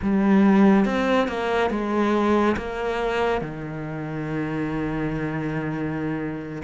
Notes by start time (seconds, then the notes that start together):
0.02 G3
0.85 C4
1.28 A#3
1.70 G#3
2.56 A#3
3.41 D#3